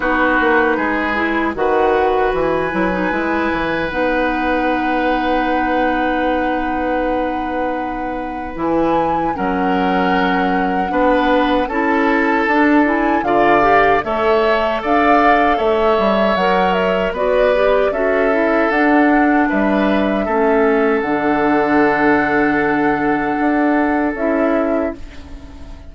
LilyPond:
<<
  \new Staff \with { instrumentName = "flute" } { \time 4/4 \tempo 4 = 77 b'2 fis''4 gis''4~ | gis''4 fis''2.~ | fis''2. gis''4 | fis''2. a''4~ |
a''8 gis''8 f''4 e''4 f''4 | e''4 fis''8 e''8 d''4 e''4 | fis''4 e''2 fis''4~ | fis''2. e''4 | }
  \new Staff \with { instrumentName = "oboe" } { \time 4/4 fis'4 gis'4 b'2~ | b'1~ | b'1 | ais'2 b'4 a'4~ |
a'4 d''4 cis''4 d''4 | cis''2 b'4 a'4~ | a'4 b'4 a'2~ | a'1 | }
  \new Staff \with { instrumentName = "clarinet" } { \time 4/4 dis'4. e'8 fis'4. e'16 dis'16 | e'4 dis'2.~ | dis'2. e'4 | cis'2 d'4 e'4 |
d'8 e'8 f'8 g'8 a'2~ | a'4 ais'4 fis'8 g'8 fis'8 e'8 | d'2 cis'4 d'4~ | d'2. e'4 | }
  \new Staff \with { instrumentName = "bassoon" } { \time 4/4 b8 ais8 gis4 dis4 e8 fis8 | gis8 e8 b2.~ | b2. e4 | fis2 b4 cis'4 |
d'4 d4 a4 d'4 | a8 g8 fis4 b4 cis'4 | d'4 g4 a4 d4~ | d2 d'4 cis'4 | }
>>